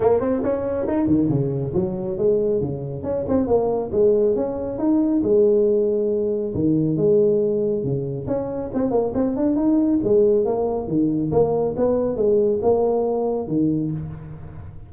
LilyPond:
\new Staff \with { instrumentName = "tuba" } { \time 4/4 \tempo 4 = 138 ais8 c'8 cis'4 dis'8 dis8 cis4 | fis4 gis4 cis4 cis'8 c'8 | ais4 gis4 cis'4 dis'4 | gis2. dis4 |
gis2 cis4 cis'4 | c'8 ais8 c'8 d'8 dis'4 gis4 | ais4 dis4 ais4 b4 | gis4 ais2 dis4 | }